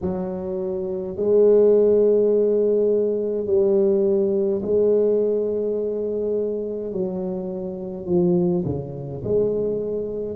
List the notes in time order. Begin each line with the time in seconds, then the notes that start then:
0.01 F#3
1.16 G#3
3.46 G3
4.62 G#3
6.92 F#3
8.06 F3
8.65 C#3
9.24 G#3